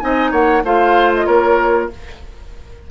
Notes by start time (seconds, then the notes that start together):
0.00 C4 D#4 D#5 G#5
0.31 A#3 C#5 F#5
0.64 A3 F4 C5 F5
1.15 D#5
1.26 A#3 A#4 C#5